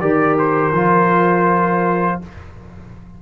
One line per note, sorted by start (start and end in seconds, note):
0.00 0.72 D#3
0.00 0.74 G4
0.00 2.21 A#4
0.00 0.37 D5
0.39 2.21 C5
0.72 2.18 F3
0.72 2.21 F4